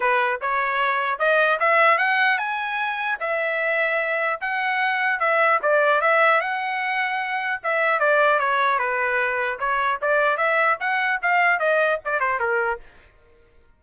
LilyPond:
\new Staff \with { instrumentName = "trumpet" } { \time 4/4 \tempo 4 = 150 b'4 cis''2 dis''4 | e''4 fis''4 gis''2 | e''2. fis''4~ | fis''4 e''4 d''4 e''4 |
fis''2. e''4 | d''4 cis''4 b'2 | cis''4 d''4 e''4 fis''4 | f''4 dis''4 d''8 c''8 ais'4 | }